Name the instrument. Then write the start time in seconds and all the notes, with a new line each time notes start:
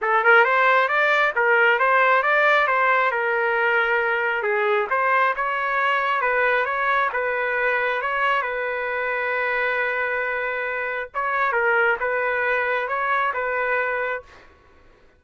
trumpet
0.01 A4
0.24 A#4
0.44 C5
0.88 D5
1.35 A#4
1.79 C5
2.22 D5
2.67 C5
3.11 A#4
4.42 G#4
4.90 C5
5.36 C#5
6.21 B4
6.65 C#5
7.12 B4
8.01 C#5
8.42 B4
11.14 C#5
11.52 A#4
11.99 B4
12.88 C#5
13.33 B4